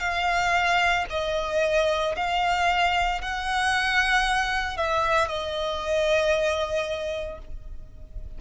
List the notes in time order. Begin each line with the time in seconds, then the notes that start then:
0.00 F5
1.10 D#5
2.16 F5
3.21 F#5
4.77 E5
5.28 D#5